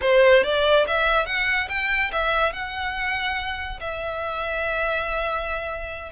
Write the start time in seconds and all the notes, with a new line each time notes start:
0.01 C5
0.43 D5
0.87 E5
1.26 F#5
1.68 G5
2.12 E5
2.53 F#5
3.80 E5